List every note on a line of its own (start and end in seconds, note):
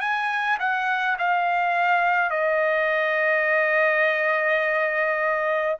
0.00 0.58 G#5
0.59 1.17 F#5
1.19 2.30 F5
2.30 5.76 D#5